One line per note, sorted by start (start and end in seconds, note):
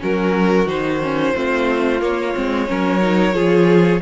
0.00 0.67 F#3
0.00 0.67 C#4
0.00 1.34 F#4
0.00 0.68 A#4
0.67 1.34 D#3
0.67 1.01 D#4
0.67 2.02 C5
1.03 1.35 C#4
1.34 2.02 A3
1.34 2.01 C4
1.34 2.68 F4
2.01 2.34 A#3
2.01 2.35 A#3
2.01 4.02 C#5
2.35 2.70 G#3
2.35 2.68 C4
2.68 3.35 F#3
2.68 3.01 C#4
2.68 3.35 A#4
3.01 3.33 D#4
3.33 4.01 F3
3.33 3.99 F4
3.33 4.02 G#4